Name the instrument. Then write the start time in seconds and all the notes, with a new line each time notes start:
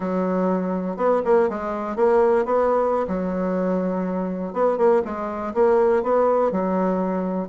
bassoon
0.00 F#3
0.97 B3
1.24 A#3
1.49 G#3
1.96 A#3
2.45 B3
3.07 F#3
4.53 B3
4.77 A#3
5.04 G#3
5.54 A#3
6.02 B3
6.51 F#3